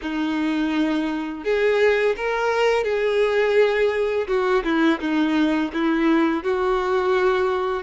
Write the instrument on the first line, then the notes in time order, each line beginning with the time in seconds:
violin
0.01 D#4
1.44 G#4
2.16 A#4
2.84 G#4
4.27 F#4
4.64 E4
5.00 D#4
5.73 E4
6.43 F#4